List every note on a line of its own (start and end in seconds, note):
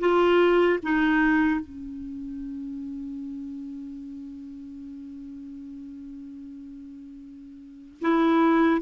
0.00 0.80 F4
0.83 1.61 D#4
1.61 8.01 C#4
8.01 8.81 E4